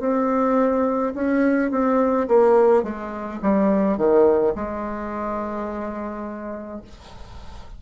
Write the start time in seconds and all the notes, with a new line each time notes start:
0.00 C4
1.15 C#4
1.71 C4
2.28 A#3
2.83 G#3
3.43 G3
3.97 D#3
4.55 G#3